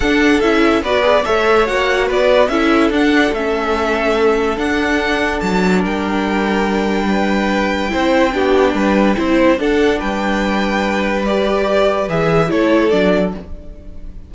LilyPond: <<
  \new Staff \with { instrumentName = "violin" } { \time 4/4 \tempo 4 = 144 fis''4 e''4 d''4 e''4 | fis''4 d''4 e''4 fis''4 | e''2. fis''4~ | fis''4 a''4 g''2~ |
g''1~ | g''2. fis''4 | g''2. d''4~ | d''4 e''4 cis''4 d''4 | }
  \new Staff \with { instrumentName = "violin" } { \time 4/4 a'2 b'4 cis''4~ | cis''4 b'4 a'2~ | a'1~ | a'2 ais'2~ |
ais'4 b'2 c''4 | g'4 b'4 c''4 a'4 | b'1~ | b'2 a'2 | }
  \new Staff \with { instrumentName = "viola" } { \time 4/4 d'4 e'4 fis'8 gis'8 a'4 | fis'2 e'4 d'4 | cis'2. d'4~ | d'1~ |
d'2. e'4 | d'2 e'4 d'4~ | d'2. g'4~ | g'4 gis'4 e'4 d'4 | }
  \new Staff \with { instrumentName = "cello" } { \time 4/4 d'4 cis'4 b4 a4 | ais4 b4 cis'4 d'4 | a2. d'4~ | d'4 fis4 g2~ |
g2. c'4 | b4 g4 c'4 d'4 | g1~ | g4 e4 a4 fis4 | }
>>